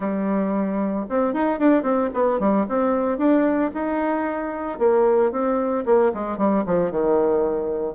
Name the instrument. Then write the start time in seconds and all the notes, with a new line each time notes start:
bassoon
0.00 G3
1.09 C4
1.33 D#4
1.59 D4
1.82 C4
2.13 B3
2.39 G3
2.69 C4
3.17 D4
3.74 D#4
4.78 A#3
5.31 C4
5.85 A#3
6.14 G#3
6.37 G3
6.66 F3
6.91 D#3